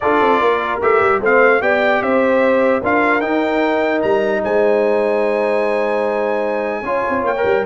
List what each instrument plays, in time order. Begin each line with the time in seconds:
0.00 tuba D4, trombone F4, horn A4, trumpet D5
0.21 tuba C4
0.40 tuba A#3, horn A#4
0.81 tuba A3, trombone G4, trumpet E5
1.00 tuba G3
1.20 tuba A3, trombone C4, horn C5, trumpet F5
1.60 tuba B3, trombone G4, horn D5, trumpet G5
2.02 tuba C4, horn C5, trumpet E5
2.81 tuba D4, trombone F4, horn A#4, trumpet F5
3.20 trombone D#4, tuba D#4, trumpet G5
4.01 tuba G3, trumpet A#5
4.43 tuba G#3, horn C5, trumpet G#5
6.82 tuba C#4, trombone F4, horn C#5
7.08 tuba C4
7.23 tuba A#3, trumpet G5
7.36 trombone A#4
7.44 tuba G3